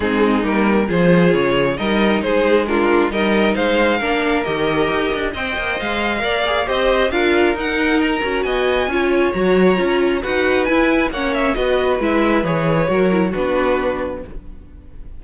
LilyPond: <<
  \new Staff \with { instrumentName = "violin" } { \time 4/4 \tempo 4 = 135 gis'4 ais'4 c''4 cis''4 | dis''4 c''4 ais'4 dis''4 | f''2 dis''2 | g''4 f''2 dis''4 |
f''4 fis''4 ais''4 gis''4~ | gis''4 ais''2 fis''4 | gis''4 fis''8 e''8 dis''4 e''4 | cis''2 b'2 | }
  \new Staff \with { instrumentName = "violin" } { \time 4/4 dis'2 gis'2 | ais'4 gis'4 f'4 ais'4 | c''4 ais'2. | dis''2 d''4 c''4 |
ais'2. dis''4 | cis''2. b'4~ | b'4 cis''4 b'2~ | b'4 ais'4 fis'2 | }
  \new Staff \with { instrumentName = "viola" } { \time 4/4 c'4 ais4 f'2 | dis'2 d'4 dis'4~ | dis'4 d'4 g'2 | c''2 ais'8 gis'8 g'4 |
f'4 dis'4. fis'4. | f'4 fis'4 f'4 fis'4 | e'4 cis'4 fis'4 e'4 | gis'4 fis'8 e'8 d'2 | }
  \new Staff \with { instrumentName = "cello" } { \time 4/4 gis4 g4 f4 cis4 | g4 gis2 g4 | gis4 ais4 dis4 dis'8 d'8 | c'8 ais8 gis4 ais4 c'4 |
d'4 dis'4. cis'8 b4 | cis'4 fis4 cis'4 dis'4 | e'4 ais4 b4 gis4 | e4 fis4 b2 | }
>>